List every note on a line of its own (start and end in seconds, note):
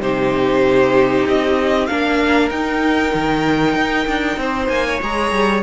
0.00 1.25 C3
0.00 1.89 D#4
0.00 1.90 G4
0.00 1.27 C5
1.26 1.89 C4
1.26 1.87 D#5
1.87 2.51 A#3
1.87 2.51 D4
1.87 4.40 A#4
1.87 2.50 F5
2.51 3.13 D#4
2.51 5.01 D#4
2.51 4.69 G5
3.14 3.76 D#3
3.76 4.07 D#4
4.08 4.38 D4
4.38 4.69 C4
4.38 4.87 C5
4.69 5.00 A#3
4.69 5.00 G#5
4.88 5.63 C#5
5.02 5.32 G#3
5.02 5.63 G#4
5.02 5.63 A#5
5.32 5.63 G3